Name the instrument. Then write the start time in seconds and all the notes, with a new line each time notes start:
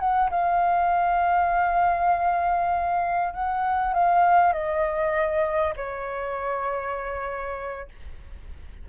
flute
0.00 F#5
0.30 F5
3.33 F#5
3.94 F5
4.53 D#5
5.76 C#5